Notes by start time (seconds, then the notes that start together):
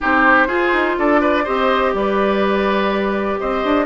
0.00 C4 D#4 G4 C5
0.47 F4 G#4
0.72 D#4
0.98 D4 A4 D5
1.20 B4
1.44 C4 G4 C5 D#5
1.93 G3 B4 D5
3.39 C4 C5 D#5
3.64 D4